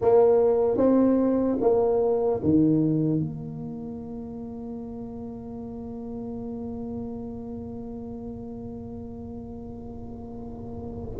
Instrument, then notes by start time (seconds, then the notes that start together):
tuba
0.01 A#3
0.77 C4
1.60 A#3
2.43 D#3
3.20 A#3